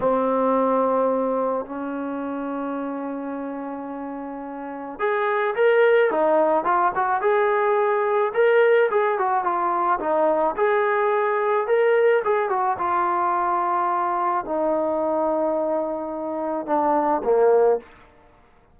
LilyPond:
\new Staff \with { instrumentName = "trombone" } { \time 4/4 \tempo 4 = 108 c'2. cis'4~ | cis'1~ | cis'4 gis'4 ais'4 dis'4 | f'8 fis'8 gis'2 ais'4 |
gis'8 fis'8 f'4 dis'4 gis'4~ | gis'4 ais'4 gis'8 fis'8 f'4~ | f'2 dis'2~ | dis'2 d'4 ais4 | }